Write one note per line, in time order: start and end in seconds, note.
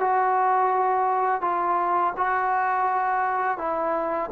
0.00 1.41 F#4
1.41 2.14 F4
2.17 3.58 F#4
3.58 4.30 E4